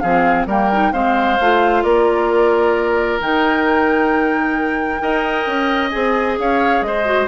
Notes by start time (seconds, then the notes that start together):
0.00 F3 C4 G#4 F5
0.46 G3 A#3 A#4 G5
0.72 D#4
0.93 G#3 C4 C5 F5
1.40 A3 F4
1.83 A#3 A#4 D5
3.20 D#3 D#4 G5
5.00 D#4 A#4 D#5
5.46 C#4
5.90 C4 G#4 G#5
6.38 C#4 C#5 F5
6.81 G#3 C5 D#5
7.05 F#4